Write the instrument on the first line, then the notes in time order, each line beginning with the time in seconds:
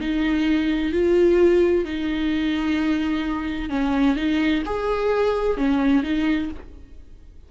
viola
0.00 D#4
0.92 F4
1.85 D#4
3.69 C#4
4.16 D#4
4.66 G#4
5.57 C#4
6.03 D#4